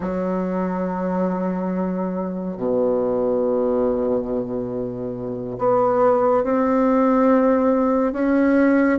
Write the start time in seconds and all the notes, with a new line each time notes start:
0.00 F#3
2.57 B2
5.58 B3
6.43 C4
8.12 C#4